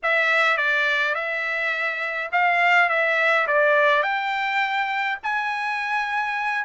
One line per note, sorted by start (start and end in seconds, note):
0.02 0.57 E5
0.57 1.15 D5
1.15 2.30 E5
2.32 2.89 F5
2.89 3.46 E5
3.47 4.03 D5
4.03 5.18 G5
5.23 6.65 G#5